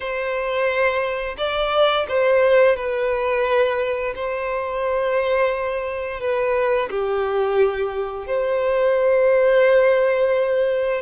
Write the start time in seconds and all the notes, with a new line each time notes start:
0.00 C5
1.37 D5
2.08 C5
2.76 B4
4.15 C5
6.20 B4
6.90 G4
8.26 C5